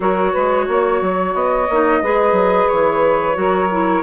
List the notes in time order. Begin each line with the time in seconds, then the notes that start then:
0.00 F#3 F#4 A#4 C#5
0.31 G#3 B4
0.68 A#3 C#5
1.01 F#3
1.33 B3 D#5
1.69 A#3 D#4
2.02 G#3 G#4 B4
2.31 F#3
2.68 E3 C#5
3.34 F#3 F#4 A#4
3.71 E4